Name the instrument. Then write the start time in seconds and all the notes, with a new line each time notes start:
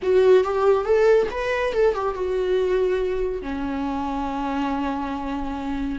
viola
0.02 F#4
0.43 G4
0.85 A4
1.30 B4
1.73 A4
1.94 G4
2.14 F#4
3.42 C#4